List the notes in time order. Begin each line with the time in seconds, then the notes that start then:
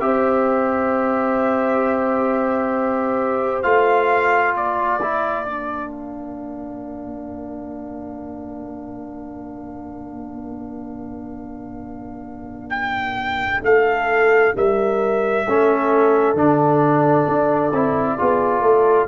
0.00 C4 G4 C5 E5
3.63 A3 F4 F5
4.54 A#3 A#4 D5
5.02 E4
5.45 D4
5.91 F5
12.70 G5
13.63 A3 A4 F5
14.56 G3 A#4 E5
15.46 A3 C#4 A4
16.34 D3 D4 D5
17.28 D4
17.72 C4 E4
18.18 B3 F4 G#4
18.61 A3 A4